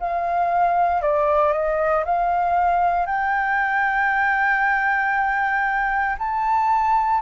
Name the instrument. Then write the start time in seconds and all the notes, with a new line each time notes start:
flute
0.00 F5
1.02 D5
1.53 D#5
2.05 F5
3.07 G5
6.19 A5